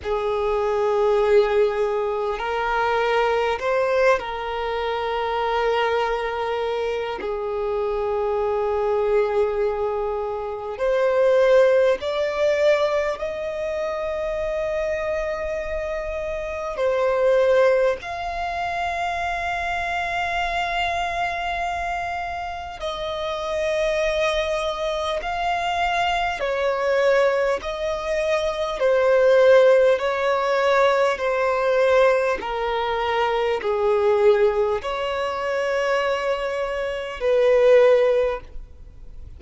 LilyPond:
\new Staff \with { instrumentName = "violin" } { \time 4/4 \tempo 4 = 50 gis'2 ais'4 c''8 ais'8~ | ais'2 gis'2~ | gis'4 c''4 d''4 dis''4~ | dis''2 c''4 f''4~ |
f''2. dis''4~ | dis''4 f''4 cis''4 dis''4 | c''4 cis''4 c''4 ais'4 | gis'4 cis''2 b'4 | }